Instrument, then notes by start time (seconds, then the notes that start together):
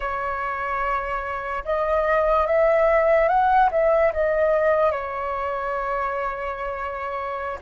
flute
0.00 C#5
1.64 D#5
2.46 E5
3.28 F#5
3.71 E5
4.13 D#5
4.91 C#5